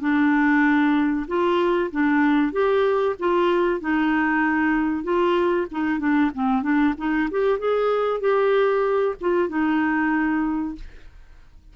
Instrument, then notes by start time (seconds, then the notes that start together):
clarinet
0.00 D4
1.27 F4
1.91 D4
2.52 G4
3.19 F4
3.80 D#4
5.04 F4
5.71 D#4
5.99 D4
6.34 C4
6.63 D4
6.97 D#4
7.31 G4
7.59 G#4
8.20 G4
9.21 F4
9.49 D#4